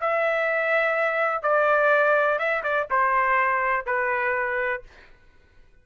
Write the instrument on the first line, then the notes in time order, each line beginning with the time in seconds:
trumpet
0.00 E5
1.42 D5
2.38 E5
2.63 D5
2.90 C5
3.86 B4